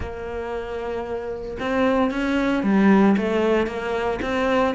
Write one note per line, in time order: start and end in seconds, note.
0.00 1.57 A#3
1.59 2.11 C4
2.11 2.63 C#4
2.63 3.16 G3
3.17 3.67 A3
3.67 4.19 A#3
4.22 4.74 C4